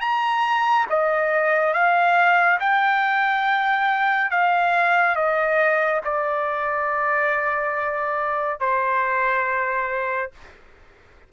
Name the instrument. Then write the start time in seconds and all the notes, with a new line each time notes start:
trumpet
0.00 A#5
0.89 D#5
1.73 F5
2.60 G5
4.31 F5
5.15 D#5
6.04 D5
8.60 C5